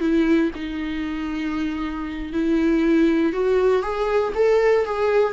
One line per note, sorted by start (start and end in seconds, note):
0.00 0.51 E4
0.55 2.33 D#4
2.33 3.33 E4
3.33 3.83 F#4
3.83 4.33 G#4
4.35 4.85 A4
4.85 5.33 G#4